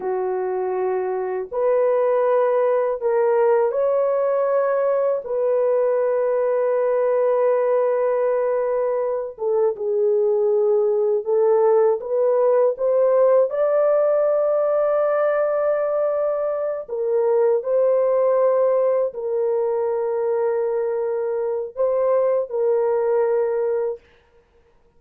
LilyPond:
\new Staff \with { instrumentName = "horn" } { \time 4/4 \tempo 4 = 80 fis'2 b'2 | ais'4 cis''2 b'4~ | b'1~ | b'8 a'8 gis'2 a'4 |
b'4 c''4 d''2~ | d''2~ d''8 ais'4 c''8~ | c''4. ais'2~ ais'8~ | ais'4 c''4 ais'2 | }